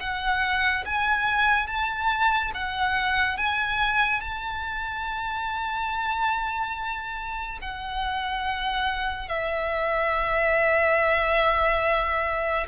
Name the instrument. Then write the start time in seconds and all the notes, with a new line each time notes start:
violin
0.00 F#5
0.86 G#5
1.67 A5
2.54 F#5
3.38 G#5
4.21 A5
7.62 F#5
9.29 E5